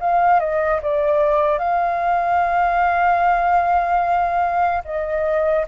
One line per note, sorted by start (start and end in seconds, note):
0.00 0.40 F5
0.40 0.80 D#5
0.83 1.59 D5
1.59 4.83 F5
4.85 5.66 D#5